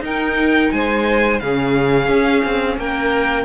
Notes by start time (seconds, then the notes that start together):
0.00 D#4 A#4 G5
0.72 G#3 C5 G#5
1.40 C#3 C#4 G#4 F5
2.08 C#4
2.45 C4
2.77 A#3 A#4 G5